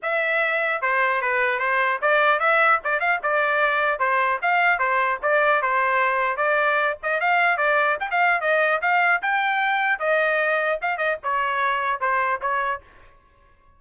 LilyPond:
\new Staff \with { instrumentName = "trumpet" } { \time 4/4 \tempo 4 = 150 e''2 c''4 b'4 | c''4 d''4 e''4 d''8 f''8 | d''2 c''4 f''4 | c''4 d''4 c''2 |
d''4. dis''8 f''4 d''4 | g''16 f''8. dis''4 f''4 g''4~ | g''4 dis''2 f''8 dis''8 | cis''2 c''4 cis''4 | }